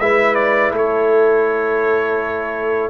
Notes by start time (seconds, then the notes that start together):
0.00 G#3 E4 B4 E5
0.35 D5
0.73 A3 A4 C#5